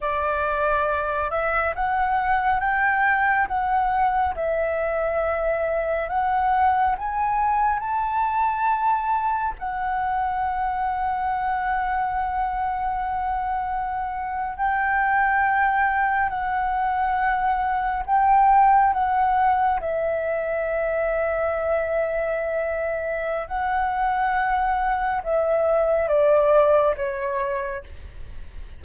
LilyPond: \new Staff \with { instrumentName = "flute" } { \time 4/4 \tempo 4 = 69 d''4. e''8 fis''4 g''4 | fis''4 e''2 fis''4 | gis''4 a''2 fis''4~ | fis''1~ |
fis''8. g''2 fis''4~ fis''16~ | fis''8. g''4 fis''4 e''4~ e''16~ | e''2. fis''4~ | fis''4 e''4 d''4 cis''4 | }